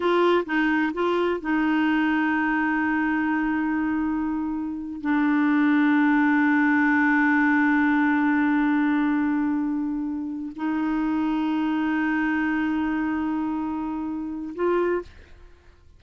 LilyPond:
\new Staff \with { instrumentName = "clarinet" } { \time 4/4 \tempo 4 = 128 f'4 dis'4 f'4 dis'4~ | dis'1~ | dis'2~ dis'8. d'4~ d'16~ | d'1~ |
d'1~ | d'2~ d'8 dis'4.~ | dis'1~ | dis'2. f'4 | }